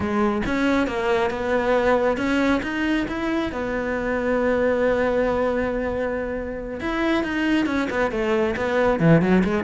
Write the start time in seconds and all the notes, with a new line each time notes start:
0.00 G#3
0.45 C#4
0.87 A#3
1.30 B3
2.17 C#4
2.63 D#4
3.08 E4
3.52 B3
6.80 E4
7.23 D#4
7.66 C#4
7.90 B3
8.11 A3
8.56 B3
8.99 E3
9.21 F#3
9.44 G#3